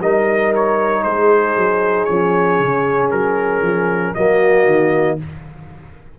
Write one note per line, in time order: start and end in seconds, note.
0.00 1.03 G3
0.00 2.09 D#4
0.00 1.04 A#4
0.00 0.53 D#5
0.55 1.03 C#5
1.03 1.56 G#3
1.03 4.15 G#4
1.03 2.05 C5
1.56 2.08 F#3
2.05 2.59 F3
2.05 4.16 C#4
2.05 3.08 C#5
2.59 3.11 C#3
3.11 3.61 F#3
3.11 4.14 A#4
3.61 4.13 F3
4.14 4.66 F#3
4.14 5.19 A#3
4.14 5.19 F#4
4.14 5.18 D#5
4.66 5.18 D#3